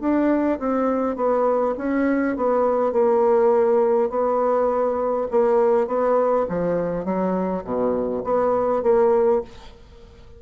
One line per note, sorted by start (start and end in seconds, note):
0.00 0.59 D4
0.59 1.16 C4
1.16 1.75 B3
1.78 2.37 C#4
2.37 2.93 B3
2.93 4.10 A#3
4.10 5.27 B3
5.31 5.87 A#3
5.87 6.46 B3
6.49 7.05 F3
7.05 7.64 F#3
7.64 8.23 B2
8.24 8.83 B3
8.83 9.42 A#3